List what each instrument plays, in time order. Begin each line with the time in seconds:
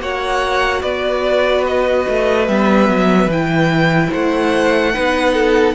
0.00 cello A#3, viola F#4, violin C#5 F#5
0.82 cello B3, violin B4 D5
1.67 violin D#5
2.08 cello A3
2.48 cello G3, viola B3, violin E5
2.89 cello F#3
3.27 cello E3, viola E4, violin G5
4.11 cello A3, violin C5 F#5
4.93 cello B3, viola D#4, violin B4
5.34 violin A4